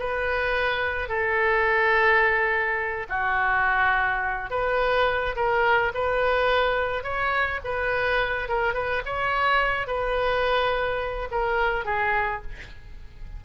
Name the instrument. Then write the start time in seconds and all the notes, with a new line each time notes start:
oboe
0.00 B4
1.09 A4
3.09 F#4
4.51 B4
5.36 A#4
5.95 B4
7.04 C#5
7.65 B4
8.49 A#4
8.74 B4
9.06 C#5
9.88 B4
11.32 A#4
11.86 G#4